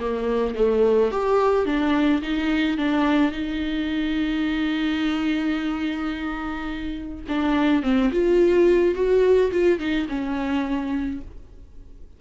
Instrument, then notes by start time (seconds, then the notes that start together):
viola
0.00 A#3
0.55 A3
1.11 G4
1.65 D4
2.22 D#4
2.77 D4
3.32 D#4
7.28 D4
7.83 C4
8.12 F4
8.95 F#4
9.51 F4
9.79 D#4
10.09 C#4